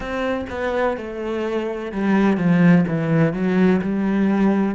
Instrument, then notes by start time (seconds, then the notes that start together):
cello
0.00 C4
0.49 B3
0.97 A3
1.91 G3
2.37 F3
2.87 E3
3.33 F#3
3.81 G3